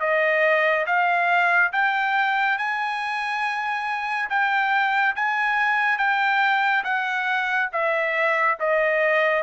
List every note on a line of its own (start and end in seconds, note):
0.00 0.86 D#5
0.86 1.72 F5
1.72 2.58 G5
2.58 4.29 G#5
4.30 5.15 G5
5.15 5.98 G#5
5.98 6.84 G5
6.84 7.70 F#5
7.72 8.58 E5
8.59 9.43 D#5